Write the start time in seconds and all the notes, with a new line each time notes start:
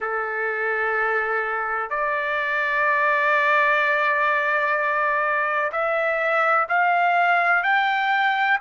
0.00 A4
1.90 D5
5.71 E5
6.68 F5
7.63 G5